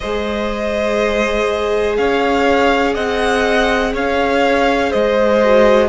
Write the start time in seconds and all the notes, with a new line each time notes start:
0.00 G#3 G#4 C5 D#5
1.96 C#4 C#5 F5
2.94 C4 D#5 F#5
3.93 C#4 C#5 F5
4.90 G#3 C5 D#5
5.44 F#4